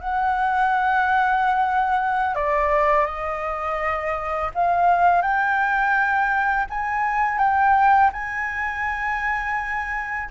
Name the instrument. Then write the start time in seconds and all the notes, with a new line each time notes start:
flute
0.00 F#5
2.35 D5
3.06 D#5
4.54 F5
5.21 G5
6.70 G#5
7.38 G5
8.12 G#5